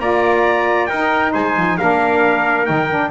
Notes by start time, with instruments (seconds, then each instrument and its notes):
0.00 double bass A#3, saxophone F4, trumpet D5 A#5
0.87 double bass D#4, saxophone D#4, trumpet A#4 G5
1.33 double bass G#3, trumpet C5 G#5
1.57 double bass F3
1.78 double bass A#3, saxophone D4, trumpet A#4 F5
2.66 double bass D#3, saxophone D#4, trumpet G5
2.90 saxophone D4